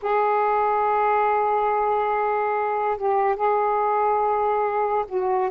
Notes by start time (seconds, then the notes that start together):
0.02 G#4
2.97 G4
3.36 G#4
5.07 F#4